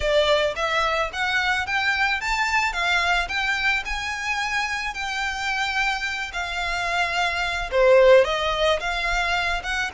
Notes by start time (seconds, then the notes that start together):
0.00 D5
0.55 E5
1.12 F#5
1.66 G5
2.20 A5
2.72 F5
3.28 G5
3.85 G#5
4.94 G5
6.33 F5
7.71 C5
8.24 D#5
8.79 F5
9.63 F#5